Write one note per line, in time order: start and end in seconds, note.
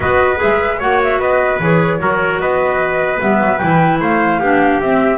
0.00 0.39 B3
0.00 0.36 F#4
0.00 0.78 B4
0.00 0.39 D#5
0.36 0.76 G#4
0.36 0.81 E5
0.42 0.80 G#3
0.78 1.19 A#3
0.78 1.60 F#4
0.78 1.18 C#5
0.78 1.01 F#5
1.03 1.20 E5
1.19 1.59 B3
1.19 1.99 B4
1.19 1.60 D#5
1.59 1.99 E3
1.59 1.99 G#4
1.59 2.39 C#5
1.99 2.39 F#3
1.99 3.19 F#4
1.99 2.40 A#4
2.39 3.19 B3
2.39 4.00 B4
2.39 3.19 D#5
3.19 3.40 G3
3.19 3.59 B3
3.19 3.58 E5
3.41 3.61 F#3
3.58 4.00 E3
3.58 4.42 E4
3.58 3.98 G5
4.00 4.40 A3
4.00 4.39 C5
4.00 4.81 F5
4.39 4.80 B3
4.39 4.82 D4
4.39 5.17 G4
4.80 5.17 C4
4.80 5.17 E5